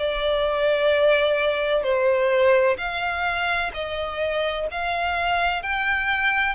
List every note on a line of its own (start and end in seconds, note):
0.00 1.84 D5
1.84 2.77 C5
2.78 3.72 F5
3.74 4.68 D#5
4.72 5.63 F5
5.63 6.56 G5